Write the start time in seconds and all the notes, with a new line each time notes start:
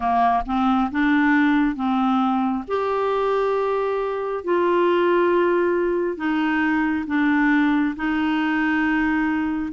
0.00 A#3
0.46 C4
0.91 D4
1.75 C4
2.67 G4
4.44 F4
6.16 D#4
7.06 D4
7.96 D#4